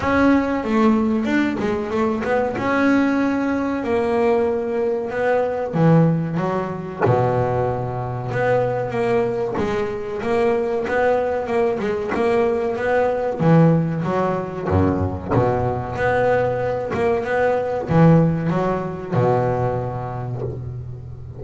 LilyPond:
\new Staff \with { instrumentName = "double bass" } { \time 4/4 \tempo 4 = 94 cis'4 a4 d'8 gis8 a8 b8 | cis'2 ais2 | b4 e4 fis4 b,4~ | b,4 b4 ais4 gis4 |
ais4 b4 ais8 gis8 ais4 | b4 e4 fis4 fis,4 | b,4 b4. ais8 b4 | e4 fis4 b,2 | }